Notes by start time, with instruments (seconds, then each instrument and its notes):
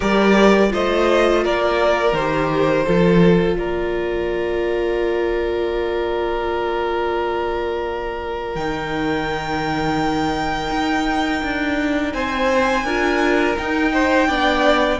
0.00 cello G3, viola G4, violin A#4 D5
0.69 cello A3, viola F4, violin C5 D#5
1.43 cello A#3, violin A#4 D5
2.12 cello D#3, viola G4, violin C5
2.85 cello F3, viola F4, violin A4
3.55 cello A#3, violin A#4 D5
8.55 cello D#3, viola D#4, violin G5
10.70 cello D#4
11.43 cello D4
12.13 cello C4, violin C5 G#5
12.84 cello D4, viola F4, violin A#4
13.58 viola D#4, cello D#4, violin G5
13.92 violin C5
14.27 cello B3, viola D4, violin D5